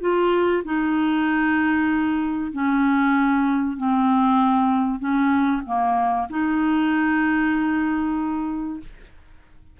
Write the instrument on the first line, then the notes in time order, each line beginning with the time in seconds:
clarinet
0.00 F4
0.64 D#4
2.52 C#4
3.77 C4
4.99 C#4
5.65 A#3
6.30 D#4